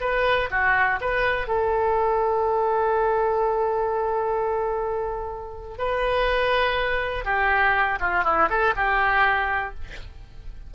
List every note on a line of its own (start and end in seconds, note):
0.00 0.49 B4
0.50 0.99 F#4
1.00 1.47 B4
1.47 5.77 A4
5.77 7.25 B4
7.25 7.98 G4
7.99 8.24 F4
8.24 8.48 E4
8.49 8.74 A4
8.76 9.74 G4